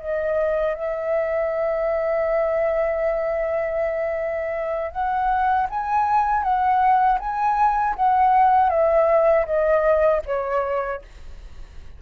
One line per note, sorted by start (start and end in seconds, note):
0.00 0.75 D#5
0.75 4.91 E5
4.91 5.67 F#5
5.70 6.42 G#5
6.42 7.18 F#5
7.19 7.95 G#5
7.96 8.69 F#5
8.69 9.45 E5
9.46 10.22 D#5
10.26 11.02 C#5